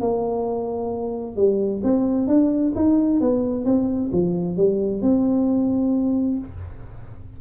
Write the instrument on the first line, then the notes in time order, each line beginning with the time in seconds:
tuba
0.00 A#3
1.36 G3
1.83 C4
2.27 D4
2.75 D#4
3.20 B3
3.65 C4
4.12 F3
4.56 G3
5.01 C4